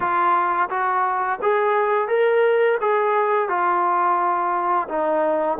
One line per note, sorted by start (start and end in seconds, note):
0.00 0.69 F4
0.69 1.39 F#4
1.41 2.08 G#4
2.08 2.77 A#4
2.80 3.48 G#4
3.48 4.88 F4
4.88 5.58 D#4